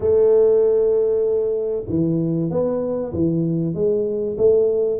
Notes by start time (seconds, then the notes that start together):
0.00 A3
1.89 E3
2.50 B3
3.13 E3
3.74 G#3
4.37 A3